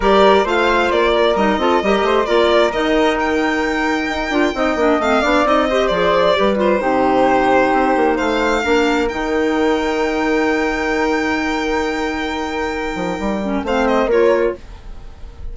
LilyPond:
<<
  \new Staff \with { instrumentName = "violin" } { \time 4/4 \tempo 4 = 132 d''4 f''4 d''4 dis''4~ | dis''4 d''4 dis''4 g''4~ | g''2. f''4 | dis''4 d''4. c''4.~ |
c''2 f''2 | g''1~ | g''1~ | g''2 f''8 dis''8 cis''4 | }
  \new Staff \with { instrumentName = "flute" } { \time 4/4 ais'4 c''4. ais'4 a'8 | ais'8 c''8 ais'2.~ | ais'2 dis''4. d''8~ | d''8 c''4. b'4 g'4~ |
g'2 c''4 ais'4~ | ais'1~ | ais'1~ | ais'2 c''4 ais'4 | }
  \new Staff \with { instrumentName = "clarinet" } { \time 4/4 g'4 f'2 dis'8 f'8 | g'4 f'4 dis'2~ | dis'4. f'8 dis'8 d'8 c'8 d'8 | dis'8 g'8 gis'4 g'8 f'8 dis'4~ |
dis'2. d'4 | dis'1~ | dis'1~ | dis'4. cis'8 c'4 f'4 | }
  \new Staff \with { instrumentName = "bassoon" } { \time 4/4 g4 a4 ais4 g8 c'8 | g8 a8 ais4 dis2~ | dis4 dis'8 d'8 c'8 ais8 a8 b8 | c'4 f4 g4 c4~ |
c4 c'8 ais8 a4 ais4 | dis1~ | dis1~ | dis8 f8 g4 a4 ais4 | }
>>